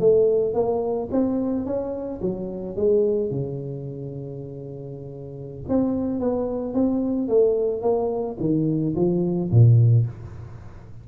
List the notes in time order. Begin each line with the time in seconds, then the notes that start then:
0.00 A3
0.54 A#3
1.11 C4
1.66 C#4
2.21 F#3
2.76 G#3
3.31 C#3
5.68 C4
6.20 B3
6.74 C4
7.28 A3
7.82 A#3
8.40 D#3
8.95 F3
9.51 A#2